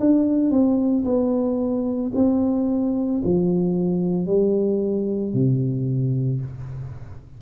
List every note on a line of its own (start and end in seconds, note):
0.00 0.51 D4
0.51 1.04 C4
1.05 2.12 B3
2.15 3.22 C4
3.24 4.27 F3
4.27 5.34 G3
5.34 6.41 C3